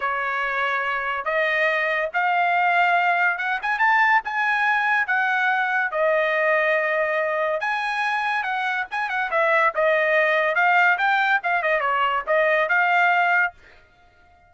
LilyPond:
\new Staff \with { instrumentName = "trumpet" } { \time 4/4 \tempo 4 = 142 cis''2. dis''4~ | dis''4 f''2. | fis''8 gis''8 a''4 gis''2 | fis''2 dis''2~ |
dis''2 gis''2 | fis''4 gis''8 fis''8 e''4 dis''4~ | dis''4 f''4 g''4 f''8 dis''8 | cis''4 dis''4 f''2 | }